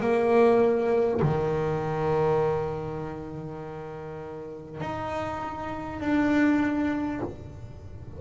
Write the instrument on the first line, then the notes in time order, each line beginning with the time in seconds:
double bass
0.00 A#3
1.22 D#3
4.80 D#4
6.00 D4